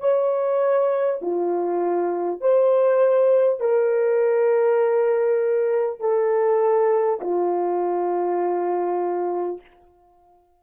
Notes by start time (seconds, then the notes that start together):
0.00 C#5
1.21 F4
2.41 C5
3.59 A#4
6.00 A4
7.21 F4